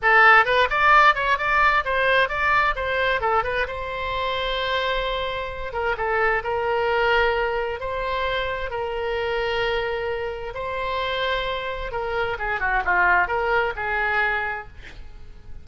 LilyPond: \new Staff \with { instrumentName = "oboe" } { \time 4/4 \tempo 4 = 131 a'4 b'8 d''4 cis''8 d''4 | c''4 d''4 c''4 a'8 b'8 | c''1~ | c''8 ais'8 a'4 ais'2~ |
ais'4 c''2 ais'4~ | ais'2. c''4~ | c''2 ais'4 gis'8 fis'8 | f'4 ais'4 gis'2 | }